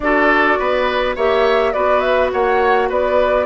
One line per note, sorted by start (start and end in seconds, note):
0.00 0.57 D4
0.00 1.17 F#4
0.00 0.58 A4
0.00 1.15 D5
0.58 1.16 B3
0.58 1.15 B4
1.15 1.74 A#3
1.15 1.74 G4
1.15 1.73 C#5
1.15 1.72 E5
1.72 2.32 B3
1.72 3.46 F#4
1.72 2.31 B4
1.72 2.00 D5
2.00 2.28 E5
2.32 2.90 A#3
2.32 2.88 C#5
2.32 2.89 F#5
2.88 3.46 B3
2.88 3.46 B4
2.88 3.46 D5